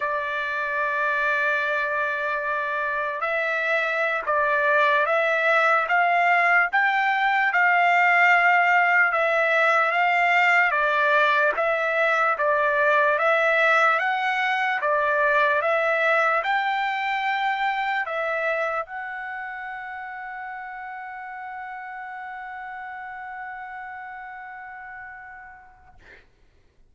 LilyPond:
\new Staff \with { instrumentName = "trumpet" } { \time 4/4 \tempo 4 = 74 d''1 | e''4~ e''16 d''4 e''4 f''8.~ | f''16 g''4 f''2 e''8.~ | e''16 f''4 d''4 e''4 d''8.~ |
d''16 e''4 fis''4 d''4 e''8.~ | e''16 g''2 e''4 fis''8.~ | fis''1~ | fis''1 | }